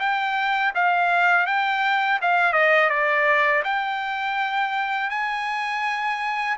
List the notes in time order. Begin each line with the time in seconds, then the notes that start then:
0.00 G5
0.75 F5
1.47 G5
2.22 F5
2.53 D#5
2.90 D5
3.65 G5
5.11 G#5